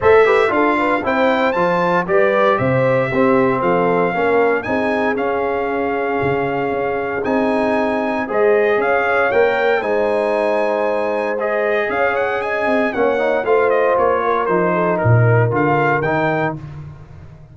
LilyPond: <<
  \new Staff \with { instrumentName = "trumpet" } { \time 4/4 \tempo 4 = 116 e''4 f''4 g''4 a''4 | d''4 e''2 f''4~ | f''4 gis''4 f''2~ | f''2 gis''2 |
dis''4 f''4 g''4 gis''4~ | gis''2 dis''4 f''8 fis''8 | gis''4 fis''4 f''8 dis''8 cis''4 | c''4 ais'4 f''4 g''4 | }
  \new Staff \with { instrumentName = "horn" } { \time 4/4 c''8 b'8 a'8 b'8 c''2 | b'4 c''4 g'4 a'4 | ais'4 gis'2.~ | gis'1 |
c''4 cis''2 c''4~ | c''2. cis''4 | dis''4 cis''4 c''4. ais'8~ | ais'8 a'8 ais'2. | }
  \new Staff \with { instrumentName = "trombone" } { \time 4/4 a'8 g'8 f'4 e'4 f'4 | g'2 c'2 | cis'4 dis'4 cis'2~ | cis'2 dis'2 |
gis'2 ais'4 dis'4~ | dis'2 gis'2~ | gis'4 cis'8 dis'8 f'2 | dis'2 f'4 dis'4 | }
  \new Staff \with { instrumentName = "tuba" } { \time 4/4 a4 d'4 c'4 f4 | g4 c4 c'4 f4 | ais4 c'4 cis'2 | cis4 cis'4 c'2 |
gis4 cis'4 ais4 gis4~ | gis2. cis'4~ | cis'8 c'8 ais4 a4 ais4 | f4 ais,4 d4 dis4 | }
>>